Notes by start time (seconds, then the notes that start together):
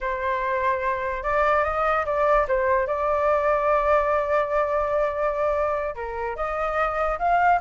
0.00 C5
1.23 D5
1.64 D#5
2.05 D5
2.48 C5
2.87 D5
5.95 A#4
6.36 D#5
7.18 F5